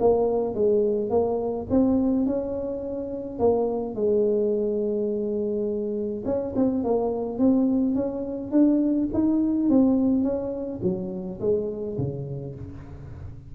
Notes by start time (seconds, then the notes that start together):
0.00 A#3
0.55 G#3
1.10 A#3
1.70 C4
2.26 C#4
3.39 A#3
3.96 G#3
6.26 C#4
6.56 C4
6.84 A#3
7.39 C4
7.96 C#4
8.52 D4
9.14 D#4
9.70 C4
10.24 C#4
10.83 F#3
11.40 G#3
11.98 C#3